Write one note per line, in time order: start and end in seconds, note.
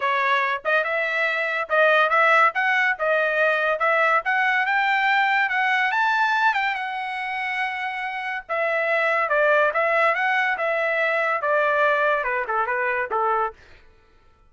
0.00 0.62 C#5
0.64 0.83 D#5
0.83 1.68 E5
1.69 2.09 D#5
2.09 2.51 E5
2.54 2.96 F#5
2.98 3.79 D#5
3.79 4.21 E5
4.24 4.65 F#5
4.65 5.49 G5
5.49 5.91 F#5
5.91 6.53 A5
6.53 6.74 G5
6.74 8.43 F#5
8.48 9.29 E5
9.29 9.71 D5
9.73 10.14 E5
10.14 10.57 F#5
10.57 11.41 E5
11.41 12.23 D5
12.23 12.45 B4
12.47 12.66 A4
12.66 13.09 B4
13.11 13.53 A4